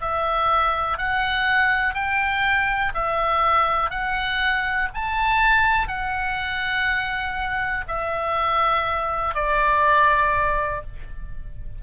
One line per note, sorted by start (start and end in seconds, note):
0.00 0.97 E5
0.97 1.94 F#5
1.94 2.92 G5
2.94 3.90 E5
3.90 4.88 F#5
4.94 5.87 A5
5.87 7.84 F#5
7.87 9.34 E5
9.34 10.82 D5